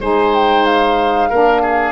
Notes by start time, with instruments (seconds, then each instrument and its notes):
0.00 tuba G#3, saxophone D#4, oboe C5, flute G#5
0.34 flute G5
0.65 flute F5
1.29 tuba A#3, saxophone D4, oboe A#4
1.61 oboe G#4